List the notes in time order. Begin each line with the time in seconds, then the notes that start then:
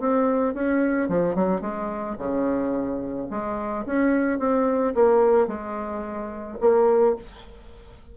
0.00 C4
0.54 C#4
1.09 F3
1.35 F#3
1.61 G#3
2.18 C#3
3.30 G#3
3.86 C#4
4.39 C4
4.95 A#3
5.47 G#3
6.61 A#3